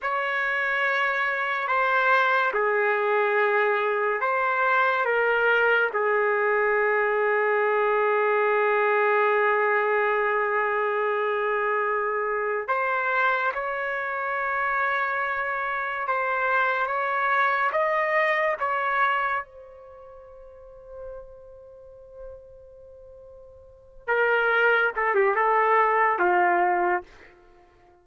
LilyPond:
\new Staff \with { instrumentName = "trumpet" } { \time 4/4 \tempo 4 = 71 cis''2 c''4 gis'4~ | gis'4 c''4 ais'4 gis'4~ | gis'1~ | gis'2. c''4 |
cis''2. c''4 | cis''4 dis''4 cis''4 c''4~ | c''1~ | c''8 ais'4 a'16 g'16 a'4 f'4 | }